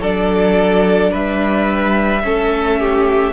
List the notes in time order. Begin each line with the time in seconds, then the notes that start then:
0.00 F#3 D4 A4 D5
1.11 G3 B4 E5
2.22 A3 C#4 A4
2.79 G4